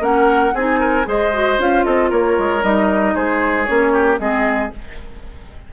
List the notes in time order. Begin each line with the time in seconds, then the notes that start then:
0.00 A#3 C#4 A#4 F#5
0.54 C4 D#4 G#4 G#5
0.80 A#4
1.04 G#3 G#4 C5 D#5
1.33 F#4
1.58 C#4 F4 F5
1.84 C4 A4 D#5
2.10 A#3 A#4 C#5
2.39 G#3
2.62 G3 D#4 D#5
3.15 G#3 G#4 C5
3.65 A#3 C#4 C#5
3.93 G4
4.18 G#3 C4 G#4 D#5